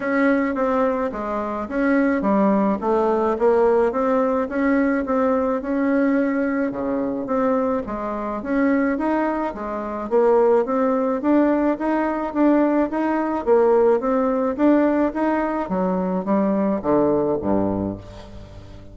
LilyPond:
\new Staff \with { instrumentName = "bassoon" } { \time 4/4 \tempo 4 = 107 cis'4 c'4 gis4 cis'4 | g4 a4 ais4 c'4 | cis'4 c'4 cis'2 | cis4 c'4 gis4 cis'4 |
dis'4 gis4 ais4 c'4 | d'4 dis'4 d'4 dis'4 | ais4 c'4 d'4 dis'4 | fis4 g4 d4 g,4 | }